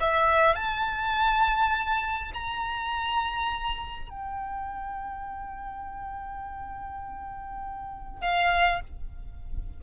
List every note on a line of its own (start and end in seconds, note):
0.00 0.55 E5
0.55 2.32 A5
2.34 4.10 A#5
4.10 8.21 G5
8.22 8.80 F5